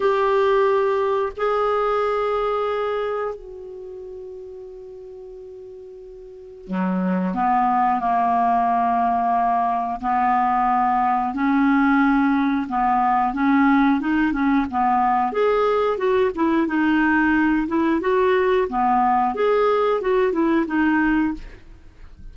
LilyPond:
\new Staff \with { instrumentName = "clarinet" } { \time 4/4 \tempo 4 = 90 g'2 gis'2~ | gis'4 fis'2.~ | fis'2 fis4 b4 | ais2. b4~ |
b4 cis'2 b4 | cis'4 dis'8 cis'8 b4 gis'4 | fis'8 e'8 dis'4. e'8 fis'4 | b4 gis'4 fis'8 e'8 dis'4 | }